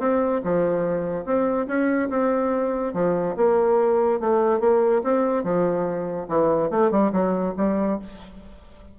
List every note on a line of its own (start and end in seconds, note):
0.00 0.42 C4
0.44 1.25 F3
1.25 1.67 C4
1.68 2.10 C#4
2.10 2.94 C4
2.94 3.36 F3
3.37 4.21 A#3
4.21 4.60 A3
4.60 5.02 A#3
5.04 5.44 C4
5.44 6.28 F3
6.29 6.71 E3
6.71 6.92 A3
6.92 7.13 G3
7.13 7.55 F#3
7.58 8.00 G3